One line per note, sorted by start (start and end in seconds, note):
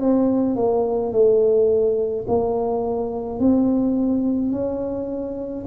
0.00 0.56 C4
0.56 1.12 A#3
1.12 2.25 A3
2.27 3.39 A#3
3.39 4.51 C4
4.51 5.64 C#4